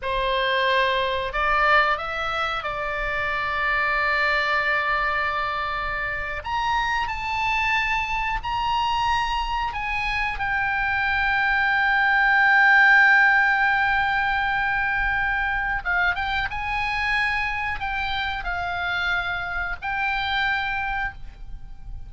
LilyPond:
\new Staff \with { instrumentName = "oboe" } { \time 4/4 \tempo 4 = 91 c''2 d''4 e''4 | d''1~ | d''4.~ d''16 ais''4 a''4~ a''16~ | a''8. ais''2 gis''4 g''16~ |
g''1~ | g''1 | f''8 g''8 gis''2 g''4 | f''2 g''2 | }